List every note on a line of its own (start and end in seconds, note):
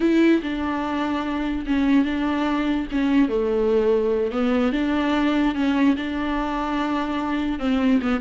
0.00 0.41 E4
0.42 1.65 D4
1.66 2.04 C#4
2.04 2.87 D4
2.91 3.29 C#4
3.29 4.31 A3
4.31 4.72 B3
4.72 5.54 D4
5.54 5.96 C#4
5.96 7.59 D4
7.59 8.00 C4
8.02 8.20 B3